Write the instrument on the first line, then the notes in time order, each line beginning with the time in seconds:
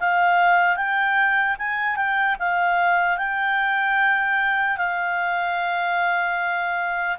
clarinet
0.00 F5
0.76 G5
1.59 G#5
1.96 G5
2.39 F5
3.18 G5
4.77 F5